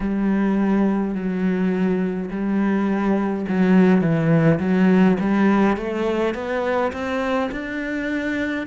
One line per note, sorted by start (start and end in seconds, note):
0.00 1.14 G3
1.14 2.29 F#3
2.30 3.46 G3
3.48 4.01 F#3
4.01 4.58 E3
4.59 5.17 F#3
5.20 5.76 G3
5.76 6.34 A3
6.34 6.92 B3
6.92 7.49 C4
7.51 8.66 D4